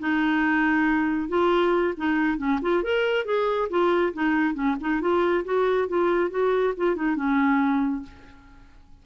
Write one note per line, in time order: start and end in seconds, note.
0.00 1.29 D#4
1.29 1.94 F4
1.97 2.38 D#4
2.38 2.60 C#4
2.62 2.83 F4
2.83 3.26 A#4
3.26 3.69 G#4
3.70 4.14 F4
4.14 4.55 D#4
4.55 4.76 C#4
4.81 5.01 D#4
5.01 5.45 F4
5.45 5.89 F#4
5.89 6.31 F4
6.31 6.74 F#4
6.77 6.96 F4
6.96 7.16 D#4
7.16 8.03 C#4